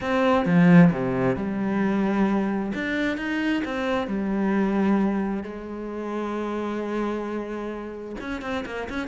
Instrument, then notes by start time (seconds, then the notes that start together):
cello
0.00 C4
0.45 F3
0.92 C3
1.36 G3
2.74 D4
3.17 D#4
3.64 C4
4.07 G3
5.43 G#3
8.20 C#4
8.41 C4
8.65 A#3
8.89 C#4